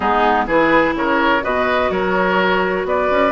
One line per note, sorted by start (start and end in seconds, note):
0.00 0.47 G#3
0.00 0.46 B3
0.00 0.45 D#4
0.00 0.45 G#4
0.46 0.94 E3
0.46 1.41 E4
0.46 0.94 G#4
0.46 0.95 B4
0.94 1.42 C#3
0.94 1.43 A#4
0.94 1.44 C#5
1.42 1.90 B2
1.42 3.31 F#4
1.42 1.91 B4
1.42 1.90 D#5
1.90 2.85 F#3
1.90 2.86 A#4
1.90 2.86 C#5
2.85 3.08 B3
2.85 3.31 B4
2.85 3.31 D5
3.10 3.31 C#4